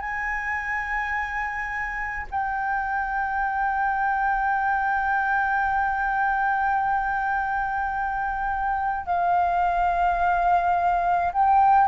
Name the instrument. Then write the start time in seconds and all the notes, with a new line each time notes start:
flute
0.00 G#5
2.31 G5
9.06 F5
11.33 G5